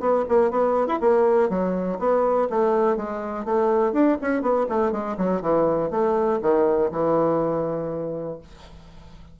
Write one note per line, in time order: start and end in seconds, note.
0.00 0.25 B3
0.29 0.51 A#3
0.51 0.87 B3
0.87 0.99 E4
1.01 1.49 A#3
1.49 1.99 F#3
1.99 2.48 B3
2.50 2.97 A3
2.97 3.45 G#3
3.45 3.93 A3
3.93 4.17 D4
4.22 4.42 C#4
4.42 4.66 B3
4.69 4.92 A3
4.92 5.16 G#3
5.17 5.41 F#3
5.41 5.90 E3
5.90 6.40 A3
6.42 6.91 D#3
6.91 8.39 E3